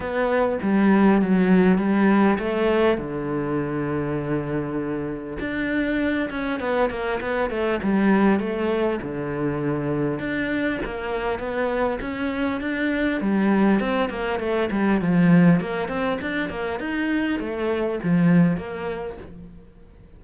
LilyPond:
\new Staff \with { instrumentName = "cello" } { \time 4/4 \tempo 4 = 100 b4 g4 fis4 g4 | a4 d2.~ | d4 d'4. cis'8 b8 ais8 | b8 a8 g4 a4 d4~ |
d4 d'4 ais4 b4 | cis'4 d'4 g4 c'8 ais8 | a8 g8 f4 ais8 c'8 d'8 ais8 | dis'4 a4 f4 ais4 | }